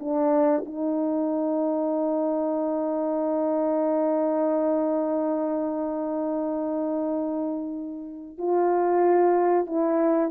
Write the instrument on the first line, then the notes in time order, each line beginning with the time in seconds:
horn
0.00 D4
0.66 D#4
8.38 F4
9.67 E4